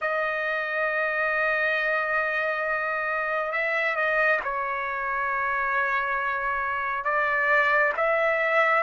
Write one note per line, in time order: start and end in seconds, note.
0.01 3.51 D#5
3.51 3.95 E5
3.95 4.40 D#5
4.44 7.04 C#5
7.04 7.92 D5
7.97 8.83 E5